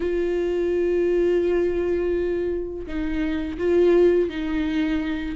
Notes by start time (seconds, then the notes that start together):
0.00 F4
2.86 D#4
3.57 F4
4.29 D#4